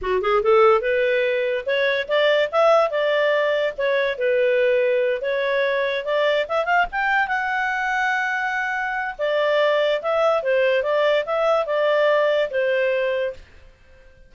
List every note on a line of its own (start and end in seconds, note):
0.01 0.21 F#4
0.21 0.42 G#4
0.42 0.81 A4
0.81 1.64 B4
1.66 2.07 C#5
2.08 2.49 D5
2.51 2.90 E5
2.90 3.73 D5
3.77 4.18 C#5
4.18 5.21 B4
5.21 6.04 C#5
6.04 6.46 D5
6.48 6.65 E5
6.65 6.86 F5
6.91 7.27 G5
7.27 9.15 F#5
9.18 10.01 D5
10.02 10.42 E5
10.42 10.82 C5
10.82 11.24 D5
11.25 11.66 E5
11.66 12.49 D5
12.50 13.33 C5